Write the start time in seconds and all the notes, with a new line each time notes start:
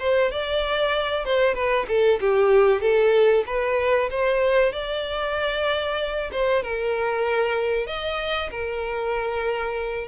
0.00 C5
0.32 D5
1.25 C5
1.55 B4
1.88 A4
2.21 G4
2.81 A4
3.47 B4
4.11 C5
4.73 D5
6.32 C5
6.63 A#4
7.87 D#5
8.51 A#4